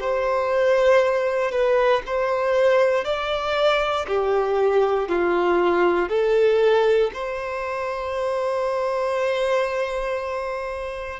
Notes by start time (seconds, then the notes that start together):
0.00 C5
1.51 B4
2.06 C5
3.05 D5
4.07 G4
5.08 F4
6.09 A4
7.13 C5